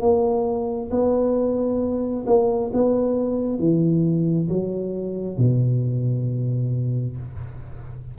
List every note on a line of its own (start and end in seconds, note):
0.00 0.90 A#3
0.90 2.25 B3
2.26 2.71 A#3
2.73 3.59 B3
3.59 4.48 E3
4.49 5.37 F#3
5.37 7.16 B2